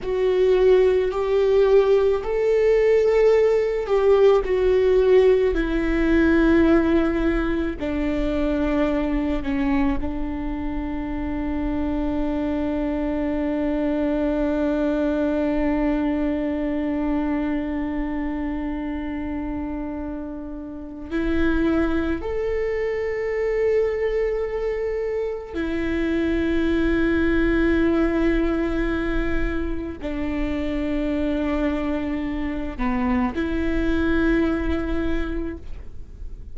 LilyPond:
\new Staff \with { instrumentName = "viola" } { \time 4/4 \tempo 4 = 54 fis'4 g'4 a'4. g'8 | fis'4 e'2 d'4~ | d'8 cis'8 d'2.~ | d'1~ |
d'2. e'4 | a'2. e'4~ | e'2. d'4~ | d'4. b8 e'2 | }